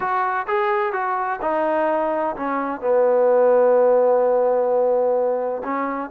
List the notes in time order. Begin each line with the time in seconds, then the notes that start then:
0.00 F#4
0.47 G#4
0.92 F#4
1.41 D#4
2.36 C#4
2.81 B3
5.63 C#4